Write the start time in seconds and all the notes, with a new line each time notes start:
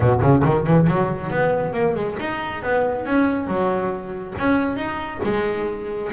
0.00 B2
0.21 C#3
0.45 D#3
0.66 E3
0.87 F#3
1.30 B3
1.73 A#3
1.95 G#3
2.19 D#4
2.62 B3
3.05 C#4
3.47 F#3
4.38 C#4
4.76 D#4
5.23 G#3